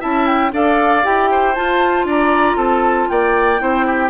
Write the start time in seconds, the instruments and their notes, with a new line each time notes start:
0.00 bassoon C#4, clarinet E4, oboe E5, flute A5
0.27 flute G5
0.52 bassoon D4, clarinet A4, oboe D5, flute F5
1.04 bassoon E4, clarinet G4, flute G5
1.31 oboe C5
1.55 clarinet F4, bassoon F4, flute A5
2.05 bassoon D4, oboe D5, flute A#5
2.56 bassoon C4, oboe A4, flute A5
3.10 bassoon A#3, oboe D5, flute G5
3.59 bassoon C4, clarinet E4, oboe C5
3.87 oboe G4